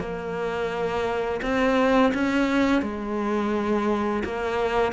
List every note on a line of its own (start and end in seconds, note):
0.00 1.41 A#3
1.42 2.13 C4
2.14 2.82 C#4
2.82 4.24 G#3
4.24 4.93 A#3